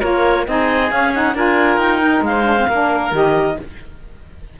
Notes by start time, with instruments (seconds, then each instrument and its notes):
0.00 cello A#3, saxophone F4, oboe A#4, clarinet C#5
0.46 cello C4, saxophone D#4, oboe G#4, clarinet D#5
0.87 saxophone C#4, cello C#4, clarinet F5
1.13 saxophone D#4, clarinet F#5
1.34 cello D4, saxophone F4, oboe A#4, clarinet G#5
1.76 cello D#4, clarinet G5
2.01 saxophone D#4
2.21 cello G#3, clarinet F5
2.28 oboe C5
2.44 saxophone D4
2.57 saxophone C4
2.69 cello A#3, saxophone D4, oboe A#4
3.11 cello D#3, saxophone G4, clarinet D#5